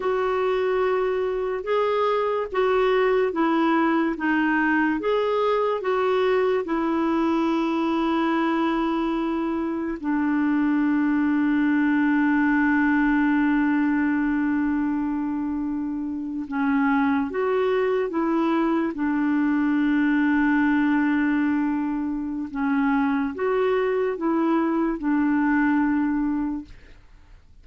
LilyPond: \new Staff \with { instrumentName = "clarinet" } { \time 4/4 \tempo 4 = 72 fis'2 gis'4 fis'4 | e'4 dis'4 gis'4 fis'4 | e'1 | d'1~ |
d'2.~ d'8. cis'16~ | cis'8. fis'4 e'4 d'4~ d'16~ | d'2. cis'4 | fis'4 e'4 d'2 | }